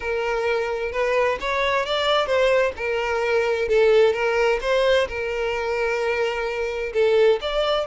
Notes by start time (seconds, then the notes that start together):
0.00 A#4
0.92 B4
1.40 C#5
1.85 D5
2.26 C5
2.76 A#4
3.68 A4
4.13 A#4
4.61 C5
5.08 A#4
6.93 A4
7.41 D5